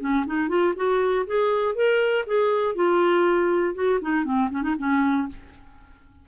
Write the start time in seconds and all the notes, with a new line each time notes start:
0.00 C#4
0.26 D#4
0.49 F4
0.75 F#4
1.27 G#4
1.75 A#4
2.27 G#4
2.75 F4
3.74 F#4
4.01 D#4
4.24 C4
4.50 C#4
4.62 D#4
4.78 C#4